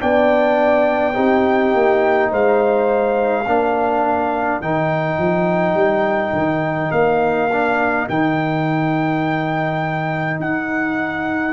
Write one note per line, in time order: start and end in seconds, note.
0.00 1.18 B3
0.00 1.14 D4
0.00 1.15 D5
0.00 2.32 G5
1.14 1.74 C4
1.14 3.45 D#4
1.14 2.30 G4
1.74 2.32 A#3
2.32 3.47 G#3
2.32 3.45 C5
2.32 4.62 F5
3.45 4.61 A#3
3.45 4.62 D4
3.45 11.53 A#4
4.61 5.18 D#3
4.61 7.50 D#4
4.61 6.92 G5
5.18 5.75 F3
5.75 6.32 G3
6.33 6.90 D#3
6.92 8.07 A#3
6.92 8.07 F5
7.53 8.10 D4
8.09 10.40 D#3
8.09 11.53 D#4
8.09 10.40 G5
10.40 11.53 D#4
10.40 11.53 F#5